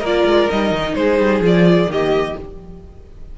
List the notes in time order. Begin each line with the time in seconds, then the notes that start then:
0.00 A#3 F4 A#4 D5
0.24 G#3
0.50 G3 D#4 D#5
0.71 D#3
0.94 G#3 G#4 C5
1.19 G3
1.40 F3 F4
1.46 D5
1.87 D#3 A#3 G4 D#5